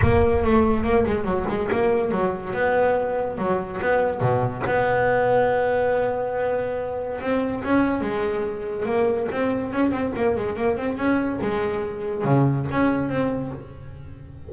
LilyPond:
\new Staff \with { instrumentName = "double bass" } { \time 4/4 \tempo 4 = 142 ais4 a4 ais8 gis8 fis8 gis8 | ais4 fis4 b2 | fis4 b4 b,4 b4~ | b1~ |
b4 c'4 cis'4 gis4~ | gis4 ais4 c'4 cis'8 c'8 | ais8 gis8 ais8 c'8 cis'4 gis4~ | gis4 cis4 cis'4 c'4 | }